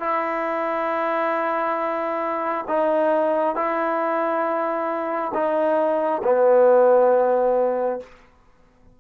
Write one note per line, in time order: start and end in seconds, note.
0.00 2.65 E4
2.68 3.56 D#4
3.56 5.32 E4
5.34 6.22 D#4
6.24 8.00 B3